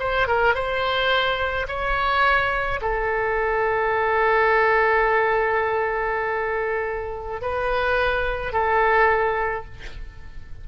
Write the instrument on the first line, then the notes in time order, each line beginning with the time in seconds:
oboe
0.00 C5
0.28 A#4
0.55 C5
1.68 C#5
2.82 A4
7.42 B4
8.53 A4